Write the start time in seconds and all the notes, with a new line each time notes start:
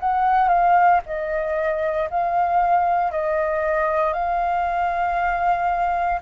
0.00 F#5
0.49 F5
1.06 D#5
2.10 F5
3.12 D#5
4.13 F5